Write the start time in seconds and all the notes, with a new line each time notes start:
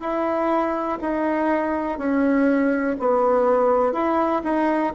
0.00 E4
1.01 D#4
1.98 C#4
3.00 B3
3.93 E4
4.44 D#4